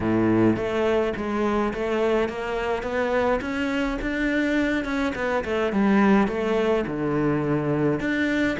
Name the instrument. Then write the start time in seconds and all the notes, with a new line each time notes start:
cello
0.00 A2
0.56 A3
1.16 G#3
1.73 A3
2.29 A#3
2.82 B3
3.41 C#4
4.01 D4
4.84 C#4
5.15 B3
5.44 A3
5.72 G3
6.27 A3
6.86 D3
7.99 D4